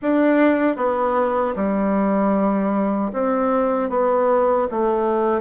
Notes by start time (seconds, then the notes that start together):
0.02 D4
0.76 B3
1.55 G3
3.12 C4
3.89 B3
4.70 A3